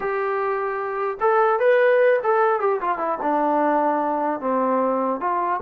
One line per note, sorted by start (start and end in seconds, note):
0.00 1.18 G4
1.20 1.59 A4
1.59 2.19 B4
2.23 2.60 A4
2.60 2.80 G4
2.80 2.98 F4
2.98 3.18 E4
3.21 4.40 D4
4.40 5.20 C4
5.20 5.60 F4